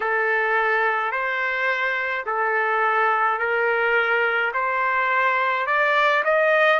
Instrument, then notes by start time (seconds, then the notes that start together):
trumpet
0.00 A4
1.11 C5
2.25 A4
3.39 A#4
4.53 C5
5.66 D5
6.24 D#5